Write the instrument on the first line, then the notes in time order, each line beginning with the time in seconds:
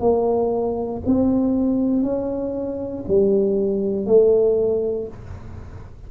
tuba
0.00 A#3
1.06 C4
2.02 C#4
3.07 G3
4.06 A3